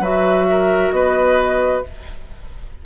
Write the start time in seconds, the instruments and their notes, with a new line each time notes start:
0.00 bassoon F#3, clarinet F#4, oboe B4, flute E5
0.50 oboe A#4
0.92 bassoon B3, oboe B4, flute D#5